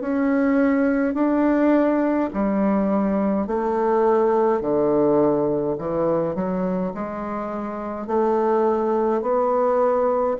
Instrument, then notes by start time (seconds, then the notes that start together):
bassoon
0.00 C#4
1.14 D4
2.33 G3
3.47 A3
4.60 D3
5.77 E3
6.35 F#3
6.94 G#3
8.07 A3
9.21 B3